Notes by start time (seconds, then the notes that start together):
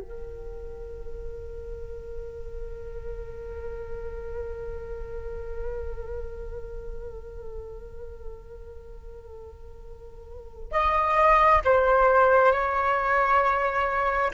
0.00 A#4
10.71 D#5
11.65 C5
12.52 C#5